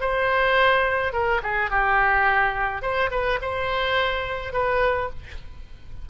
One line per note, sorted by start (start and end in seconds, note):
0.00 1.13 C5
1.13 1.41 A#4
1.43 1.70 G#4
1.70 2.81 G4
2.81 3.10 C5
3.11 3.39 B4
3.41 4.53 C5
4.53 5.09 B4